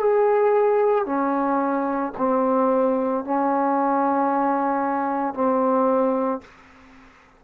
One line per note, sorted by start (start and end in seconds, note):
0.00 1.06 G#4
1.06 2.13 C#4
2.18 3.25 C4
3.25 5.34 C#4
5.34 6.41 C4